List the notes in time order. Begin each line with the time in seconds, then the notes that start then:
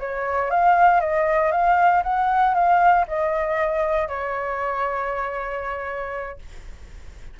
0.00 C#5
0.51 F5
1.01 D#5
1.52 F5
2.04 F#5
2.55 F5
3.08 D#5
4.08 C#5